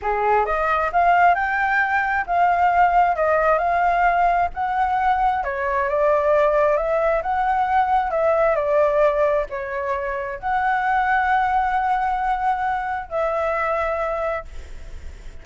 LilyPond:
\new Staff \with { instrumentName = "flute" } { \time 4/4 \tempo 4 = 133 gis'4 dis''4 f''4 g''4~ | g''4 f''2 dis''4 | f''2 fis''2 | cis''4 d''2 e''4 |
fis''2 e''4 d''4~ | d''4 cis''2 fis''4~ | fis''1~ | fis''4 e''2. | }